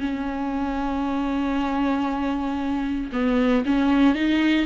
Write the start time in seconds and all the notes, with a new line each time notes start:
0.00 C#4
3.12 B3
3.65 C#4
4.15 D#4